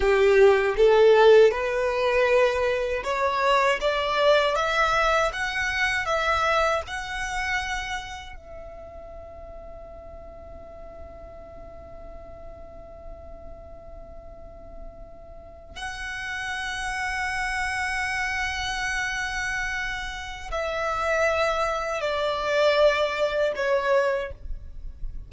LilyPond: \new Staff \with { instrumentName = "violin" } { \time 4/4 \tempo 4 = 79 g'4 a'4 b'2 | cis''4 d''4 e''4 fis''4 | e''4 fis''2 e''4~ | e''1~ |
e''1~ | e''8. fis''2.~ fis''16~ | fis''2. e''4~ | e''4 d''2 cis''4 | }